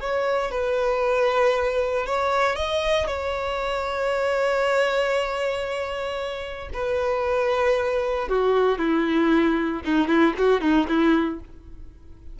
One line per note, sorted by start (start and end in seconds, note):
0.00 0.51 C#5
0.51 2.06 B4
2.06 2.56 C#5
2.56 3.07 D#5
3.07 6.69 C#5
6.73 8.28 B4
8.29 8.78 F#4
8.78 9.82 E4
9.84 10.08 D#4
10.08 10.34 E4
10.38 10.61 F#4
10.61 10.87 D#4
10.88 11.40 E4